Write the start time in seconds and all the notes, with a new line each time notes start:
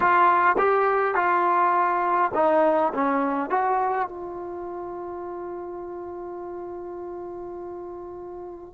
0.00 F4
0.57 G4
1.15 F4
2.34 D#4
2.93 C#4
3.50 F#4
4.08 F4